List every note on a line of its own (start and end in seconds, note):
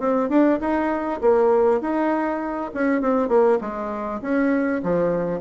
0.00 0.29 C4
0.29 0.59 D4
0.61 1.21 D#4
1.22 1.81 A#3
1.81 2.71 D#4
2.74 3.02 C#4
3.02 3.29 C4
3.29 3.59 A#3
3.61 4.21 G#3
4.22 4.82 C#4
4.84 5.41 F3